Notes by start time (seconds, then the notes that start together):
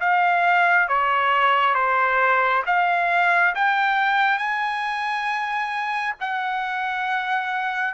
0.00 F5
0.88 C#5
1.74 C5
2.66 F5
3.55 G5
4.38 G#5
6.20 F#5